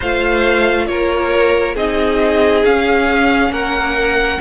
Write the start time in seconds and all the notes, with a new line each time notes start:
0.00 A3 F4 C5 F5
0.86 A#3 A#4 C#5
1.74 C4 D#4 G#4 D#5
2.64 C#4 F5
3.49 A#3 A#4 F#5